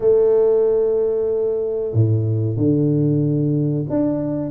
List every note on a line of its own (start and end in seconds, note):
0.00 1.93 A3
1.93 2.56 A2
2.56 3.85 D3
3.89 4.50 D4